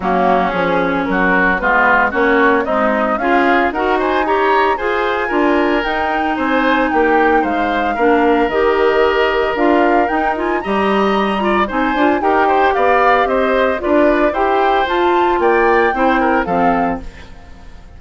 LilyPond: <<
  \new Staff \with { instrumentName = "flute" } { \time 4/4 \tempo 4 = 113 fis'4 gis'4 ais'4 b'4 | cis''4 dis''4 f''4 fis''8 gis''8 | ais''4 gis''2 g''4 | gis''4 g''4 f''2 |
dis''2 f''4 g''8 gis''8 | ais''2 gis''4 g''4 | f''4 dis''4 d''4 g''4 | a''4 g''2 f''4 | }
  \new Staff \with { instrumentName = "oboe" } { \time 4/4 cis'2 fis'4 f'4 | fis'4 dis'4 gis'4 ais'8 c''8 | cis''4 c''4 ais'2 | c''4 g'4 c''4 ais'4~ |
ais'1 | dis''4. d''8 c''4 ais'8 c''8 | d''4 c''4 b'4 c''4~ | c''4 d''4 c''8 ais'8 a'4 | }
  \new Staff \with { instrumentName = "clarinet" } { \time 4/4 ais4 cis'2 b4 | cis'4 gis4 f'4 fis'4 | g'4 gis'4 f'4 dis'4~ | dis'2. d'4 |
g'2 f'4 dis'8 f'8 | g'4. f'8 dis'8 f'8 g'4~ | g'2 f'4 g'4 | f'2 e'4 c'4 | }
  \new Staff \with { instrumentName = "bassoon" } { \time 4/4 fis4 f4 fis4 gis4 | ais4 c'4 cis'4 dis'4~ | dis'4 f'4 d'4 dis'4 | c'4 ais4 gis4 ais4 |
dis2 d'4 dis'4 | g2 c'8 d'8 dis'4 | b4 c'4 d'4 e'4 | f'4 ais4 c'4 f4 | }
>>